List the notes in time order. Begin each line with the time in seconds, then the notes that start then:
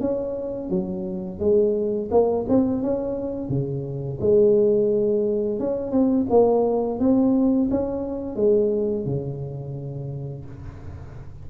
0.00 C#4
0.69 F#3
1.39 G#3
2.11 A#3
2.49 C4
2.82 C#4
3.49 C#3
4.21 G#3
5.59 C#4
5.91 C4
6.29 A#3
6.99 C4
7.71 C#4
8.36 G#3
9.05 C#3